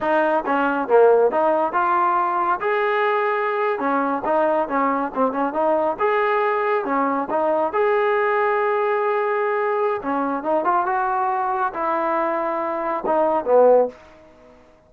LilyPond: \new Staff \with { instrumentName = "trombone" } { \time 4/4 \tempo 4 = 138 dis'4 cis'4 ais4 dis'4 | f'2 gis'2~ | gis'8. cis'4 dis'4 cis'4 c'16~ | c'16 cis'8 dis'4 gis'2 cis'16~ |
cis'8. dis'4 gis'2~ gis'16~ | gis'2. cis'4 | dis'8 f'8 fis'2 e'4~ | e'2 dis'4 b4 | }